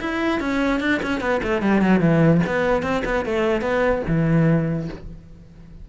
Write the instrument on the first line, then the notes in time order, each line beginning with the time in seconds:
cello
0.00 E4
0.40 C#4
0.80 D4
1.02 C#4
1.20 B3
1.43 A3
1.61 G3
1.81 F#3
2.00 E3
2.46 B3
2.82 C4
3.05 B3
3.25 A3
3.61 B3
4.07 E3